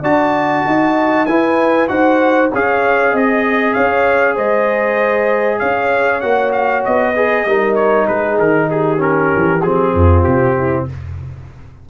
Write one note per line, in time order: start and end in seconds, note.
0.00 0.64 D4
0.00 1.27 F#4
0.00 0.62 D5
0.00 1.26 A5
0.66 1.27 D#4
0.66 1.29 D#5
1.26 1.88 E4
1.26 1.90 B4
1.26 1.87 G#5
1.88 2.51 D#4
1.88 2.50 F#4
1.88 2.51 C5
1.88 2.49 F#5
2.51 3.13 C#4
2.51 6.21 G#4
2.51 3.11 C#5
2.51 3.16 F5
3.11 3.75 C4
3.11 3.73 D#5
3.73 4.37 C#4
3.73 4.34 C#5
3.73 4.35 F5
4.34 5.61 G#3
4.34 5.58 C5
4.34 5.59 D#5
5.59 6.23 C#4
5.59 7.13 C#5
5.59 6.20 F5
6.20 6.85 A#3
6.20 7.14 F#4
6.20 6.51 F#5
6.52 6.83 F5
6.85 7.45 B3
6.85 7.75 D#5
7.14 7.46 G#4
7.14 7.45 B4
7.45 8.07 G3
7.45 8.97 D#4
7.45 8.08 A#4
7.75 8.06 C#5
8.07 8.38 G#3
8.07 8.70 G#4
8.07 8.38 B4
8.38 9.31 D#3
8.38 8.69 A#4
8.70 9.94 G4
8.70 9.01 G#4
8.97 9.59 C#4
8.97 9.61 A#4
9.35 9.63 E3
9.61 9.93 F3
9.61 10.89 C4
9.61 10.22 G#4
9.93 10.24 F2
9.93 10.56 F4
10.22 10.88 C3
10.22 10.84 G4
10.57 10.88 E4